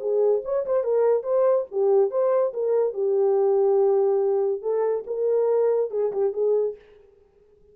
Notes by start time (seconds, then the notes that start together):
0.00 G#4
0.45 C#5
0.66 C5
0.84 A#4
1.23 C5
1.72 G4
2.11 C5
2.54 A#4
2.94 G4
4.62 A4
5.07 A#4
5.91 G#4
6.13 G4
6.33 G#4